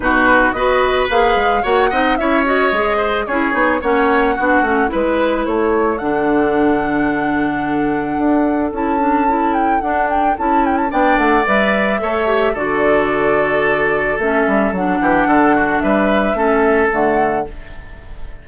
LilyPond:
<<
  \new Staff \with { instrumentName = "flute" } { \time 4/4 \tempo 4 = 110 b'4 dis''4 f''4 fis''4 | e''8 dis''4. cis''4 fis''4~ | fis''4 b'4 cis''4 fis''4~ | fis''1 |
a''4. g''8 fis''8 g''8 a''8 g''16 a''16 | g''8 fis''8 e''2 d''4~ | d''2 e''4 fis''4~ | fis''4 e''2 fis''4 | }
  \new Staff \with { instrumentName = "oboe" } { \time 4/4 fis'4 b'2 cis''8 dis''8 | cis''4. c''8 gis'4 cis''4 | fis'4 b'4 a'2~ | a'1~ |
a'1 | d''2 cis''4 a'4~ | a'2.~ a'8 g'8 | a'8 fis'8 b'4 a'2 | }
  \new Staff \with { instrumentName = "clarinet" } { \time 4/4 dis'4 fis'4 gis'4 fis'8 dis'8 | e'8 fis'8 gis'4 e'8 dis'8 cis'4 | d'8 cis'8 e'2 d'4~ | d'1 |
e'8 d'8 e'4 d'4 e'4 | d'4 b'4 a'8 g'8 fis'4~ | fis'2 cis'4 d'4~ | d'2 cis'4 a4 | }
  \new Staff \with { instrumentName = "bassoon" } { \time 4/4 b,4 b4 ais8 gis8 ais8 c'8 | cis'4 gis4 cis'8 b8 ais4 | b8 a8 gis4 a4 d4~ | d2. d'4 |
cis'2 d'4 cis'4 | b8 a8 g4 a4 d4~ | d2 a8 g8 fis8 e8 | d4 g4 a4 d4 | }
>>